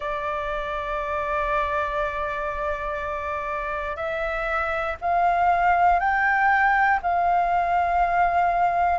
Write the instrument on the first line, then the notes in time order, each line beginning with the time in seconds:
flute
0.00 D5
3.96 E5
5.00 F5
6.00 G5
7.02 F5